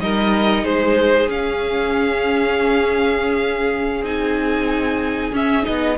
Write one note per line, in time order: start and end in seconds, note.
0.00 0.65 G3
0.00 1.30 D#4
0.00 0.64 A#4
0.00 0.65 D#5
0.64 1.28 G#3
0.64 5.97 G#4
0.64 1.29 C5
1.28 4.02 C#4
1.28 4.04 C#4
1.28 4.04 F5
4.02 5.31 C4
4.02 5.33 D#4
4.02 5.34 G#5
5.33 5.65 C#4
5.33 5.63 C#4
5.33 5.66 E5
5.63 5.99 B3
5.63 5.95 D#4
5.63 5.98 D#5